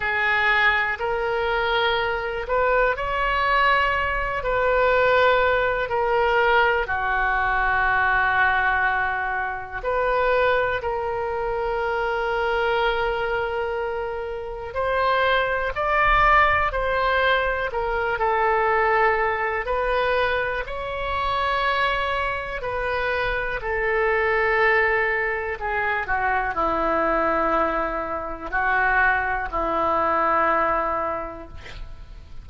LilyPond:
\new Staff \with { instrumentName = "oboe" } { \time 4/4 \tempo 4 = 61 gis'4 ais'4. b'8 cis''4~ | cis''8 b'4. ais'4 fis'4~ | fis'2 b'4 ais'4~ | ais'2. c''4 |
d''4 c''4 ais'8 a'4. | b'4 cis''2 b'4 | a'2 gis'8 fis'8 e'4~ | e'4 fis'4 e'2 | }